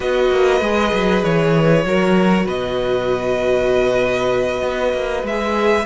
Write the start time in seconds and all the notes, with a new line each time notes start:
0.00 B3 F#4 B4 D#5
0.30 A#3
0.61 G#3 G#4
0.92 F#3
1.23 E3 C#5
1.84 F#3 F#4 A#4
2.45 B2 B4 D#5
4.62 B3
4.93 A#3
5.22 G#3 G#4 E5